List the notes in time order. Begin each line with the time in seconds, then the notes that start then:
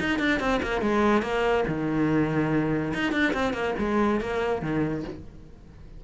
0.00 D#4
0.19 D4
0.40 C4
0.63 A#3
0.81 G#3
1.22 A#3
1.68 D#3
2.94 D#4
3.12 D4
3.34 C4
3.53 A#3
3.79 G#3
4.21 A#3
4.62 D#3